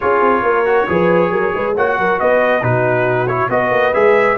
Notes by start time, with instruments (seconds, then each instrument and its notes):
0.00 tuba C#4, trombone F4, horn G#4, trumpet C#5
0.20 tuba C4
0.42 tuba A#3, horn A#4
0.65 trombone F#4
0.88 tuba F3, trombone G#4, horn B4
1.30 tuba F#3, horn A#4
1.54 tuba G#3, horn B4
1.75 tuba A#3, trombone F#4, horn C#5, trumpet F#5
1.98 tuba F#3, horn A#4
2.19 tuba B3, horn B4, trumpet D#5
2.61 tuba B2, trombone D#4, horn F#4, trumpet B4
3.27 trombone E4, trumpet C#5
3.49 tuba B3, trombone F#4, horn B4, trumpet D#5
3.71 tuba A#3
3.93 tuba G#3, trombone G#4, trumpet E5